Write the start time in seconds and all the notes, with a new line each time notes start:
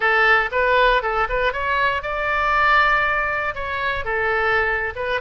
0.00 A4
0.51 B4
1.02 A4
1.29 B4
1.52 C#5
2.02 D5
3.54 C#5
4.04 A4
4.95 B4